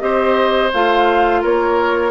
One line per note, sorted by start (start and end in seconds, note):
0.00 0.72 C4
0.00 0.71 G4
0.00 1.42 C5
0.00 0.71 D#5
0.73 1.44 A3
0.73 2.11 F4
0.73 1.44 F5
1.42 2.11 A#3
1.42 2.11 A#4
1.42 2.11 C#5